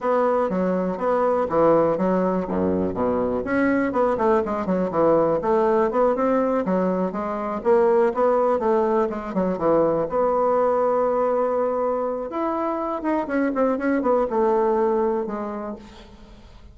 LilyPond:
\new Staff \with { instrumentName = "bassoon" } { \time 4/4 \tempo 4 = 122 b4 fis4 b4 e4 | fis4 fis,4 b,4 cis'4 | b8 a8 gis8 fis8 e4 a4 | b8 c'4 fis4 gis4 ais8~ |
ais8 b4 a4 gis8 fis8 e8~ | e8 b2.~ b8~ | b4 e'4. dis'8 cis'8 c'8 | cis'8 b8 a2 gis4 | }